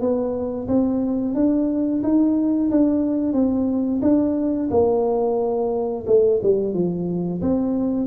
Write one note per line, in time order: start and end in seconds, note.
0.00 0.67 B3
0.68 1.35 C4
1.35 2.02 D4
2.03 2.70 D#4
2.71 3.33 D4
3.33 4.00 C4
4.02 4.69 D4
4.70 6.05 A#3
6.06 6.40 A3
6.43 6.74 G3
6.74 7.41 F3
7.41 8.07 C4